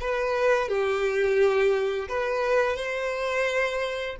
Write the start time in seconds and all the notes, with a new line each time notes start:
0.00 B4
0.68 G4
2.08 B4
2.76 C5